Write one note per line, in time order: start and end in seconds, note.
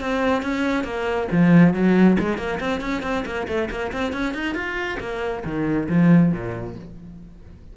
0.00 0.42 C4
0.42 0.84 C#4
0.84 1.27 A#3
1.31 1.73 F3
1.73 2.17 F#3
2.19 2.37 G#3
2.37 2.59 A#3
2.60 2.81 C4
2.81 3.02 C#4
3.02 3.24 C4
3.25 3.47 A#3
3.47 3.69 A3
3.70 3.92 A#3
3.92 4.13 C4
4.13 4.34 C#4
4.34 4.55 D#4
4.55 4.98 F4
5.00 5.43 A#3
5.44 5.88 D#3
5.89 6.32 F3
6.32 6.76 A#2